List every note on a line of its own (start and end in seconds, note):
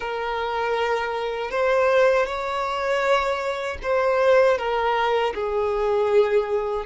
0.00 1.50 A#4
1.50 2.25 C5
2.25 3.77 C#5
3.82 4.57 C5
4.57 5.33 A#4
5.34 6.85 G#4